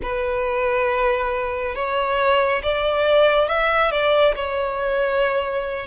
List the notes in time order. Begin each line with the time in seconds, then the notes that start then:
0.02 B4
1.75 C#5
2.62 D5
3.47 E5
3.91 D5
4.35 C#5